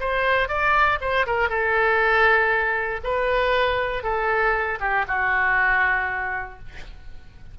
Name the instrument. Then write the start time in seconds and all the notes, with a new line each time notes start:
oboe
0.00 C5
0.49 D5
1.01 C5
1.26 A#4
1.49 A4
3.04 B4
4.03 A4
4.80 G4
5.07 F#4